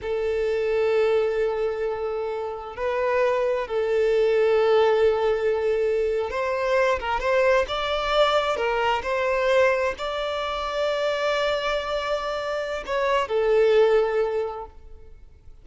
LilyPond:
\new Staff \with { instrumentName = "violin" } { \time 4/4 \tempo 4 = 131 a'1~ | a'2 b'2 | a'1~ | a'4.~ a'16 c''4. ais'8 c''16~ |
c''8. d''2 ais'4 c''16~ | c''4.~ c''16 d''2~ d''16~ | d''1 | cis''4 a'2. | }